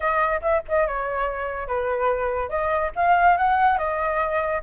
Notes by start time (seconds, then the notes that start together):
0.00 D#5
0.41 E5
0.68 D#5
0.87 C#5
1.67 B4
2.49 D#5
2.95 F5
3.37 F#5
3.78 D#5